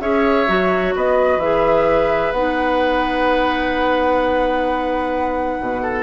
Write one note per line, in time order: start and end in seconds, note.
0.00 0.47 C#4
0.00 0.47 G#4
0.00 0.95 C#5
0.00 0.93 E5
0.47 0.95 F#3
0.47 1.40 F#4
0.95 1.37 B3
0.95 5.82 B4
0.95 1.40 D#5
1.37 2.30 E3
1.37 2.34 G#4
1.37 2.32 E5
2.32 5.58 B3
2.32 6.03 D#4
2.32 6.03 F#5
5.60 6.03 B2
5.82 6.03 A4